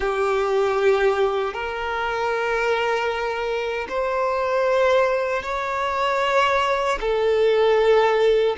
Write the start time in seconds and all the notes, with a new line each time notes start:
0.00 G4
1.53 A#4
3.89 C5
5.42 C#5
7.00 A4